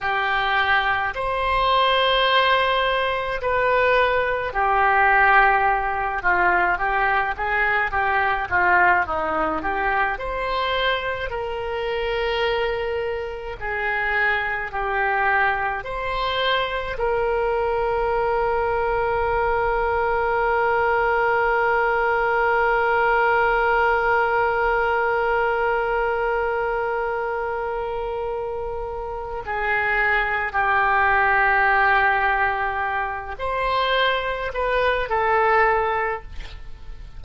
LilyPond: \new Staff \with { instrumentName = "oboe" } { \time 4/4 \tempo 4 = 53 g'4 c''2 b'4 | g'4. f'8 g'8 gis'8 g'8 f'8 | dis'8 g'8 c''4 ais'2 | gis'4 g'4 c''4 ais'4~ |
ais'1~ | ais'1~ | ais'2 gis'4 g'4~ | g'4. c''4 b'8 a'4 | }